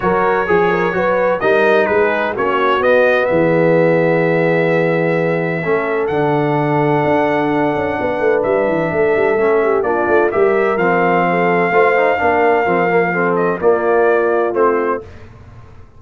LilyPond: <<
  \new Staff \with { instrumentName = "trumpet" } { \time 4/4 \tempo 4 = 128 cis''2. dis''4 | b'4 cis''4 dis''4 e''4~ | e''1~ | e''4 fis''2.~ |
fis''2 e''2~ | e''4 d''4 e''4 f''4~ | f''1~ | f''8 dis''8 d''2 c''4 | }
  \new Staff \with { instrumentName = "horn" } { \time 4/4 ais'4 gis'8 ais'8 b'4 ais'4 | gis'4 fis'2 gis'4~ | gis'1 | a'1~ |
a'4 b'2 a'4~ | a'8 g'8 f'4 ais'2 | a'4 c''4 ais'2 | a'4 f'2. | }
  \new Staff \with { instrumentName = "trombone" } { \time 4/4 fis'4 gis'4 fis'4 dis'4~ | dis'4 cis'4 b2~ | b1 | cis'4 d'2.~ |
d'1 | cis'4 d'4 g'4 c'4~ | c'4 f'8 dis'8 d'4 c'8 ais8 | c'4 ais2 c'4 | }
  \new Staff \with { instrumentName = "tuba" } { \time 4/4 fis4 f4 fis4 g4 | gis4 ais4 b4 e4~ | e1 | a4 d2 d'4~ |
d'8 cis'8 b8 a8 g8 e8 a8 g8 | a4 ais8 a8 g4 f4~ | f4 a4 ais4 f4~ | f4 ais2 a4 | }
>>